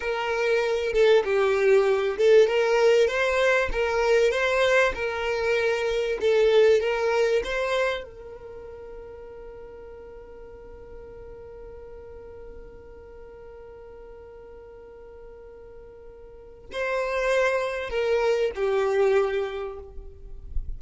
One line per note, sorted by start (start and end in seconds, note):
0.00 0.93 A#4
0.93 1.23 A4
1.24 2.17 G4
2.17 2.47 A4
2.47 3.07 A#4
3.07 3.69 C5
3.72 4.31 A#4
4.31 4.93 C5
4.94 6.18 A#4
6.20 6.80 A4
6.80 7.42 A#4
7.44 8.03 C5
8.03 16.69 A#4
16.72 17.89 C5
17.89 18.51 A#4
18.55 19.79 G4